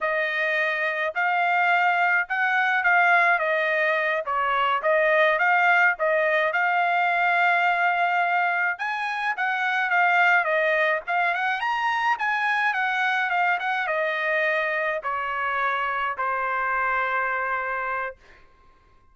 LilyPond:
\new Staff \with { instrumentName = "trumpet" } { \time 4/4 \tempo 4 = 106 dis''2 f''2 | fis''4 f''4 dis''4. cis''8~ | cis''8 dis''4 f''4 dis''4 f''8~ | f''2.~ f''8 gis''8~ |
gis''8 fis''4 f''4 dis''4 f''8 | fis''8 ais''4 gis''4 fis''4 f''8 | fis''8 dis''2 cis''4.~ | cis''8 c''2.~ c''8 | }